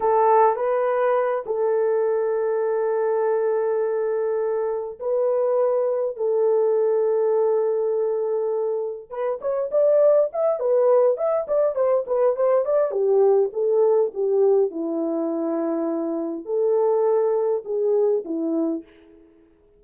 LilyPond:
\new Staff \with { instrumentName = "horn" } { \time 4/4 \tempo 4 = 102 a'4 b'4. a'4.~ | a'1~ | a'8 b'2 a'4.~ | a'2.~ a'8 b'8 |
cis''8 d''4 e''8 b'4 e''8 d''8 | c''8 b'8 c''8 d''8 g'4 a'4 | g'4 e'2. | a'2 gis'4 e'4 | }